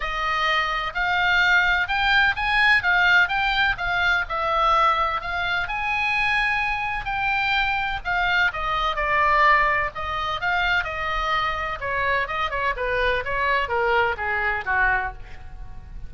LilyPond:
\new Staff \with { instrumentName = "oboe" } { \time 4/4 \tempo 4 = 127 dis''2 f''2 | g''4 gis''4 f''4 g''4 | f''4 e''2 f''4 | gis''2. g''4~ |
g''4 f''4 dis''4 d''4~ | d''4 dis''4 f''4 dis''4~ | dis''4 cis''4 dis''8 cis''8 b'4 | cis''4 ais'4 gis'4 fis'4 | }